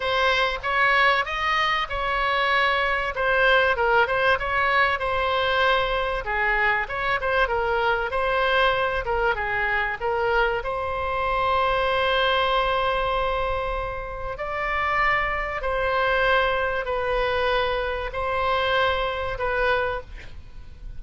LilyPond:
\new Staff \with { instrumentName = "oboe" } { \time 4/4 \tempo 4 = 96 c''4 cis''4 dis''4 cis''4~ | cis''4 c''4 ais'8 c''8 cis''4 | c''2 gis'4 cis''8 c''8 | ais'4 c''4. ais'8 gis'4 |
ais'4 c''2.~ | c''2. d''4~ | d''4 c''2 b'4~ | b'4 c''2 b'4 | }